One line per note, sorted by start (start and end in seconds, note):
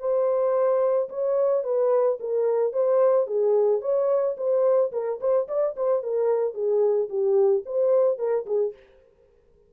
0.00 1.09 C5
1.10 1.64 C#5
1.64 2.19 B4
2.20 2.73 A#4
2.73 3.27 C5
3.27 3.82 G#4
3.82 4.36 C#5
4.38 4.92 C5
4.92 5.20 A#4
5.21 5.48 C5
5.48 5.75 D5
5.77 6.03 C5
6.03 6.55 A#4
6.55 7.09 G#4
7.09 7.64 G4
7.66 8.19 C5
8.19 8.46 A#4
8.46 8.73 G#4